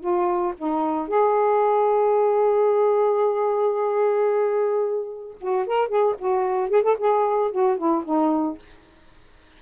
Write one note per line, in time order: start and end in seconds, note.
0.00 0.54 F4
0.57 1.08 D#4
1.08 5.36 G#4
5.40 5.66 F#4
5.66 5.88 A#4
5.88 6.15 G#4
6.19 6.69 F#4
6.69 6.83 G#4
6.83 6.96 A4
6.98 7.51 G#4
7.51 7.77 F#4
7.77 8.04 E4
8.05 8.58 D#4